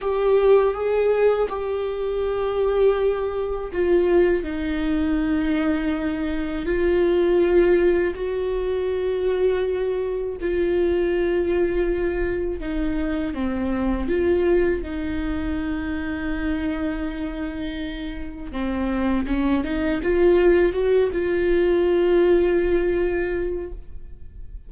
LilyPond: \new Staff \with { instrumentName = "viola" } { \time 4/4 \tempo 4 = 81 g'4 gis'4 g'2~ | g'4 f'4 dis'2~ | dis'4 f'2 fis'4~ | fis'2 f'2~ |
f'4 dis'4 c'4 f'4 | dis'1~ | dis'4 c'4 cis'8 dis'8 f'4 | fis'8 f'2.~ f'8 | }